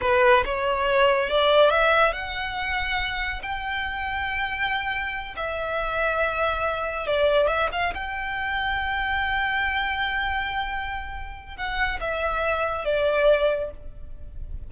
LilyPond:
\new Staff \with { instrumentName = "violin" } { \time 4/4 \tempo 4 = 140 b'4 cis''2 d''4 | e''4 fis''2. | g''1~ | g''8 e''2.~ e''8~ |
e''8 d''4 e''8 f''8 g''4.~ | g''1~ | g''2. fis''4 | e''2 d''2 | }